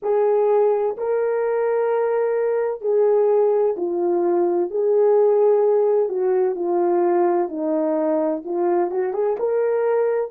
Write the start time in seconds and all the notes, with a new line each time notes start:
0.02 G#4
0.97 A#4
2.81 G#4
3.77 F4
4.70 G#4
6.09 F#4
6.55 F4
7.48 D#4
8.45 F4
8.90 F#4
9.13 G#4
9.39 A#4